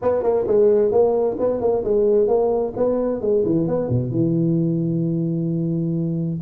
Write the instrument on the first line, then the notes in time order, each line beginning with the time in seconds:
tuba
0.02 B3
0.22 A#3
0.47 G#3
0.91 A#3
1.39 B3
1.60 A#3
1.84 G#3
2.27 A#3
2.76 B3
3.21 G#3
3.45 E3
3.67 B3
3.88 B2
4.11 E3